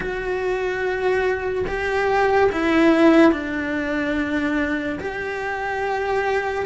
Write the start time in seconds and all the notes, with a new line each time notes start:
0.00 F#4
1.67 G4
2.52 E4
3.31 D4
4.99 G4